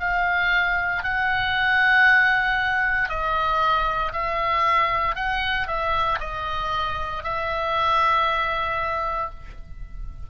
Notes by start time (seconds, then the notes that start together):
0.00 F5
1.03 F#5
3.09 D#5
4.13 E5
5.16 F#5
5.68 E5
6.20 D#5
7.24 E5